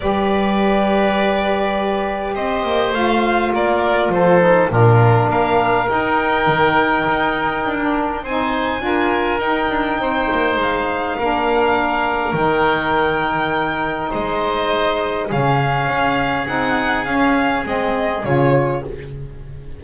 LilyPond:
<<
  \new Staff \with { instrumentName = "violin" } { \time 4/4 \tempo 4 = 102 d''1 | dis''4 f''4 d''4 c''4 | ais'4 f''4 g''2~ | g''2 gis''2 |
g''2 f''2~ | f''4 g''2. | dis''2 f''2 | fis''4 f''4 dis''4 cis''4 | }
  \new Staff \with { instrumentName = "oboe" } { \time 4/4 b'1 | c''2 ais'4 a'4 | f'4 ais'2.~ | ais'2 c''4 ais'4~ |
ais'4 c''2 ais'4~ | ais'1 | c''2 gis'2~ | gis'1 | }
  \new Staff \with { instrumentName = "saxophone" } { \time 4/4 g'1~ | g'4 f'2~ f'8 dis'8 | d'2 dis'2~ | dis'4~ dis'16 d'8. dis'4 f'4 |
dis'2. d'4~ | d'4 dis'2.~ | dis'2 cis'2 | dis'4 cis'4 c'4 f'4 | }
  \new Staff \with { instrumentName = "double bass" } { \time 4/4 g1 | c'8 ais8 a4 ais4 f4 | ais,4 ais4 dis'4 dis4 | dis'4 d'4 c'4 d'4 |
dis'8 d'8 c'8 ais8 gis4 ais4~ | ais4 dis2. | gis2 cis4 cis'4 | c'4 cis'4 gis4 cis4 | }
>>